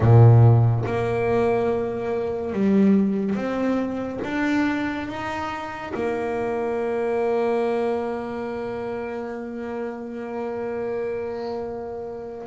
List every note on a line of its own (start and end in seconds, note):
0.00 0.85 A#2
0.85 2.52 A#3
2.52 3.35 G3
3.35 4.19 C4
4.24 5.08 D4
5.08 5.92 D#4
5.94 12.46 A#3